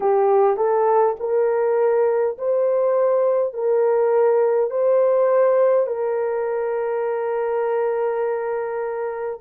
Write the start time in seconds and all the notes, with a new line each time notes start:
0.00 G4
0.56 A4
1.19 A#4
2.38 C5
3.53 A#4
4.70 C5
5.87 A#4